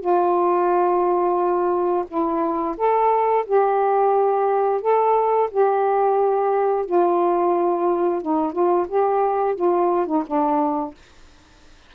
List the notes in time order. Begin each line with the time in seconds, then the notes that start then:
0.00 F4
2.08 E4
2.77 A4
3.46 G4
4.81 A4
5.51 G4
6.85 F4
8.22 D#4
8.52 F4
8.88 G4
9.55 F4
10.06 D#4
10.26 D4